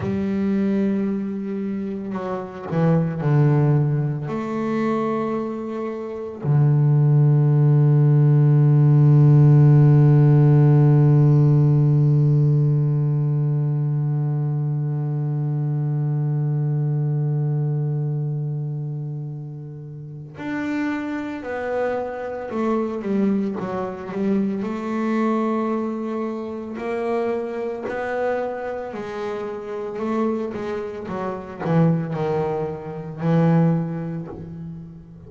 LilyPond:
\new Staff \with { instrumentName = "double bass" } { \time 4/4 \tempo 4 = 56 g2 fis8 e8 d4 | a2 d2~ | d1~ | d1~ |
d2. d'4 | b4 a8 g8 fis8 g8 a4~ | a4 ais4 b4 gis4 | a8 gis8 fis8 e8 dis4 e4 | }